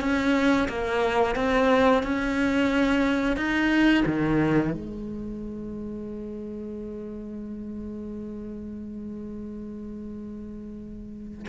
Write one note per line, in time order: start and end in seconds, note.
0.00 0.67 C#4
0.68 1.35 A#3
1.35 2.03 C4
2.03 3.36 C#4
3.36 4.04 D#4
4.06 4.73 D#3
4.73 11.47 G#3